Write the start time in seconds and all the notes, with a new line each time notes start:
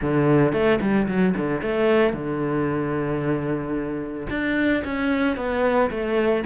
0.01 D3
0.52 A3
0.80 G3
1.08 F#3
1.36 D3
1.61 A3
2.13 D3
4.29 D4
4.84 C#4
5.36 B3
5.90 A3